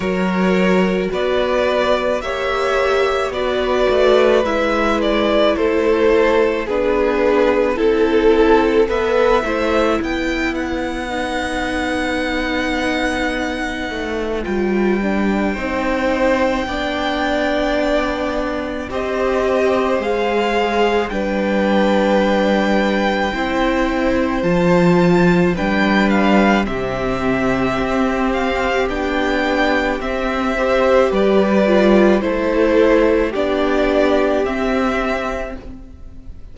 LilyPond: <<
  \new Staff \with { instrumentName = "violin" } { \time 4/4 \tempo 4 = 54 cis''4 d''4 e''4 d''4 | e''8 d''8 c''4 b'4 a'4 | e''4 g''8 fis''2~ fis''8~ | fis''4 g''2.~ |
g''4 dis''4 f''4 g''4~ | g''2 a''4 g''8 f''8 | e''4. f''8 g''4 e''4 | d''4 c''4 d''4 e''4 | }
  \new Staff \with { instrumentName = "violin" } { \time 4/4 ais'4 b'4 cis''4 b'4~ | b'4 a'4 gis'4 a'4 | b'8 c''8 b'2.~ | b'2 c''4 d''4~ |
d''4 c''2 b'4~ | b'4 c''2 b'4 | g'2.~ g'8 c''8 | b'4 a'4 g'2 | }
  \new Staff \with { instrumentName = "viola" } { \time 4/4 fis'2 g'4 fis'4 | e'2 d'4 e'4 | a'8 e'4. dis'2~ | dis'4 f'8 d'8 dis'4 d'4~ |
d'4 g'4 gis'4 d'4~ | d'4 e'4 f'4 d'4 | c'2 d'4 c'8 g'8~ | g'8 f'8 e'4 d'4 c'4 | }
  \new Staff \with { instrumentName = "cello" } { \time 4/4 fis4 b4 ais4 b8 a8 | gis4 a4 b4 c'4 | b8 a8 b2.~ | b8 a8 g4 c'4 b4~ |
b4 c'4 gis4 g4~ | g4 c'4 f4 g4 | c4 c'4 b4 c'4 | g4 a4 b4 c'4 | }
>>